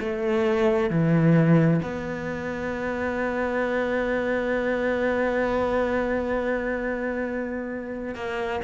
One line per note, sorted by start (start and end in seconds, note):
0.00 0.90 A3
0.90 1.81 E3
1.83 8.15 B3
8.15 8.60 A#3